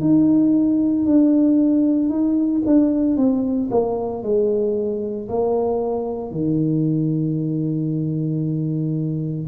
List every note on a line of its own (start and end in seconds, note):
0.00 1.05 D#4
1.05 2.09 D4
2.09 2.62 D#4
2.66 3.17 D4
3.17 3.69 C4
3.70 4.22 A#3
4.22 5.28 G#3
5.28 6.31 A#3
6.31 9.47 D#3